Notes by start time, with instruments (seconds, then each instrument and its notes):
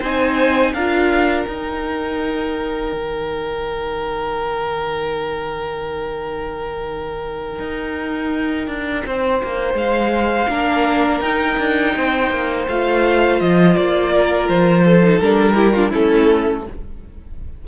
0.00 cello C4, viola D#4, violin C5 G#5
0.74 cello D4, viola F4, violin A#4 F5
1.46 cello D#4, viola D#4, violin G5
2.93 cello D#3
7.59 cello D#4
8.68 cello D4
9.06 cello C4, violin C5
9.43 cello A#3
9.74 cello G#3, violin F5
10.50 cello A#3, viola D4, violin A#4
11.20 cello D#4, viola D#4, violin G5
11.58 cello D4
11.96 cello C4, violin C5
12.31 cello A#3
12.69 cello A3, viola F4, violin F5
13.41 cello F3, violin D#5
13.76 cello A#3, violin D5
14.12 violin A#4
14.49 cello F3, violin C5
14.85 violin A4
15.04 viola D#4
15.19 cello G3, viola D4, violin A#4
15.55 viola E4, violin G4
15.73 viola D4, violin F4
15.90 cello A3, viola C#4, violin E4 A4